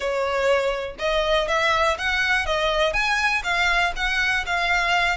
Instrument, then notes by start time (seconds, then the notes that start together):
violin
0.00 C#5
0.98 D#5
1.48 E5
1.98 F#5
2.46 D#5
2.93 G#5
3.43 F5
3.96 F#5
4.46 F5